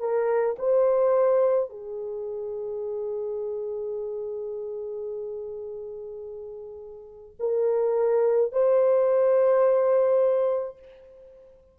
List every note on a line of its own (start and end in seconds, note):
0.00 0.57 A#4
0.59 1.70 C5
1.70 7.36 G#4
7.40 8.53 A#4
8.53 10.79 C5